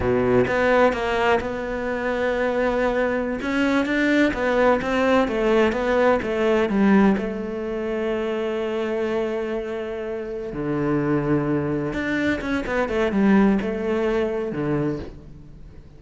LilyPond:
\new Staff \with { instrumentName = "cello" } { \time 4/4 \tempo 4 = 128 b,4 b4 ais4 b4~ | b2.~ b16 cis'8.~ | cis'16 d'4 b4 c'4 a8.~ | a16 b4 a4 g4 a8.~ |
a1~ | a2~ a8 d4.~ | d4. d'4 cis'8 b8 a8 | g4 a2 d4 | }